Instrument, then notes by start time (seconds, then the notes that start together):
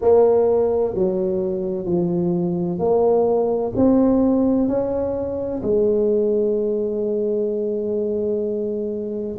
tuba
0.01 A#3
0.94 F#3
1.85 F3
2.78 A#3
3.75 C4
4.67 C#4
5.62 G#3